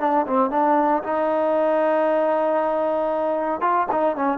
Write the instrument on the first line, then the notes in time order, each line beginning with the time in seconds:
trombone
0.00 D4
0.27 C4
0.51 D4
1.03 D#4
3.61 F4
3.92 D#4
4.16 C#4